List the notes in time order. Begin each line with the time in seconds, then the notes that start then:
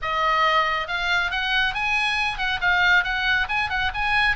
0.02 D#5
0.87 F5
1.31 F#5
1.74 G#5
2.38 F#5
2.61 F5
3.04 F#5
3.48 G#5
3.69 F#5
3.93 G#5